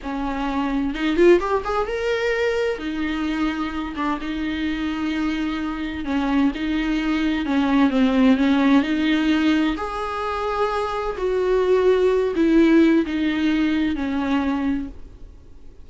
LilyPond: \new Staff \with { instrumentName = "viola" } { \time 4/4 \tempo 4 = 129 cis'2 dis'8 f'8 g'8 gis'8 | ais'2 dis'2~ | dis'8 d'8 dis'2.~ | dis'4 cis'4 dis'2 |
cis'4 c'4 cis'4 dis'4~ | dis'4 gis'2. | fis'2~ fis'8 e'4. | dis'2 cis'2 | }